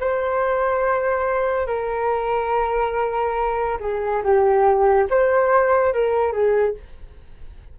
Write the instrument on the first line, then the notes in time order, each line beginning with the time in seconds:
flute
0.00 C5
1.67 A#4
3.80 G#4
4.24 G4
5.10 C5
5.93 A#4
6.32 G#4